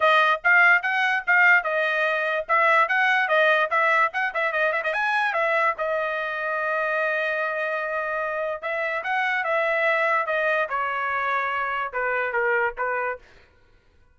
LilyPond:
\new Staff \with { instrumentName = "trumpet" } { \time 4/4 \tempo 4 = 146 dis''4 f''4 fis''4 f''4 | dis''2 e''4 fis''4 | dis''4 e''4 fis''8 e''8 dis''8 e''16 dis''16 | gis''4 e''4 dis''2~ |
dis''1~ | dis''4 e''4 fis''4 e''4~ | e''4 dis''4 cis''2~ | cis''4 b'4 ais'4 b'4 | }